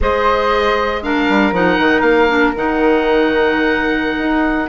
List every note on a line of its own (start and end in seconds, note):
0.00 1.28 G#3
0.00 1.02 G#4
0.00 1.03 C5
0.00 1.03 D#5
1.02 1.53 D4
1.02 4.69 A#4
1.02 1.54 F5
1.29 1.52 G3
1.52 1.77 F3
1.52 2.28 D#4
1.52 2.01 F#5
1.78 2.01 D#3
2.01 2.52 A#3
2.01 2.52 F5
2.28 2.53 D4
2.56 4.17 D#3
2.56 4.69 D#4
2.56 4.69 F#5
4.17 4.68 D#4